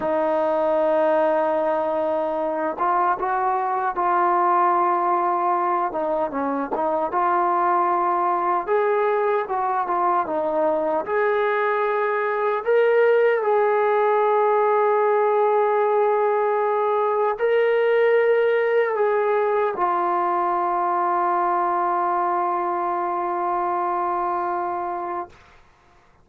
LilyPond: \new Staff \with { instrumentName = "trombone" } { \time 4/4 \tempo 4 = 76 dis'2.~ dis'8 f'8 | fis'4 f'2~ f'8 dis'8 | cis'8 dis'8 f'2 gis'4 | fis'8 f'8 dis'4 gis'2 |
ais'4 gis'2.~ | gis'2 ais'2 | gis'4 f'2.~ | f'1 | }